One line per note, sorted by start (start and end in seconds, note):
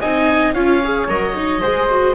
0.00 0.55 C4
0.00 0.55 D#4
0.00 0.54 D#5
0.00 0.54 G#5
0.54 1.08 C#4
0.54 0.82 F4
0.54 1.61 C#5
0.54 1.08 F5
0.84 1.09 G#4
1.08 1.62 F#3
1.08 1.35 A#4
1.08 2.15 D#5
1.35 1.62 D#4
1.61 2.15 G#3
1.61 1.89 G#4
1.61 2.15 C5
1.90 2.15 F#4